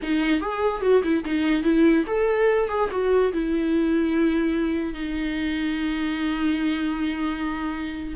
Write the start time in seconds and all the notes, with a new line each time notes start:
0.02 D#4
0.40 G#4
0.81 F#4
1.03 E4
1.24 D#4
1.63 E4
2.06 A4
2.69 G#4
2.91 F#4
3.32 E4
4.93 D#4